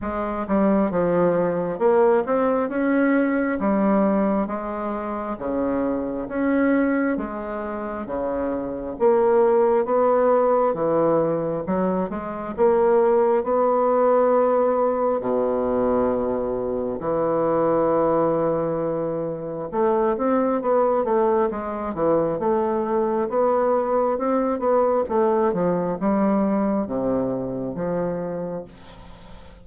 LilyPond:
\new Staff \with { instrumentName = "bassoon" } { \time 4/4 \tempo 4 = 67 gis8 g8 f4 ais8 c'8 cis'4 | g4 gis4 cis4 cis'4 | gis4 cis4 ais4 b4 | e4 fis8 gis8 ais4 b4~ |
b4 b,2 e4~ | e2 a8 c'8 b8 a8 | gis8 e8 a4 b4 c'8 b8 | a8 f8 g4 c4 f4 | }